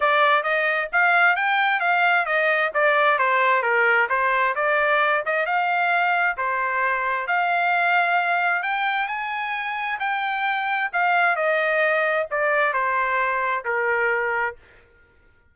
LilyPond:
\new Staff \with { instrumentName = "trumpet" } { \time 4/4 \tempo 4 = 132 d''4 dis''4 f''4 g''4 | f''4 dis''4 d''4 c''4 | ais'4 c''4 d''4. dis''8 | f''2 c''2 |
f''2. g''4 | gis''2 g''2 | f''4 dis''2 d''4 | c''2 ais'2 | }